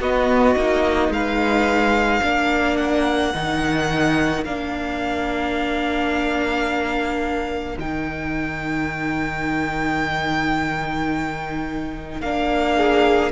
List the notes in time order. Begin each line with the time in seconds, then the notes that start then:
0.00 B3 F#4 D#5
0.56 A#3 D#4
1.09 G#3 B4 F5
2.20 A#3 D4 A#4
2.77 F#5
3.34 D#3 D#4
4.45 A#3 D4 F5
7.78 D#3 D#4 G5
12.21 A#3 D4 F5
12.77 G#4